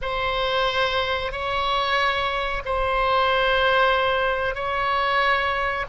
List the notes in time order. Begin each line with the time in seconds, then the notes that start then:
0.01 C5
1.32 C#5
2.65 C5
4.54 C#5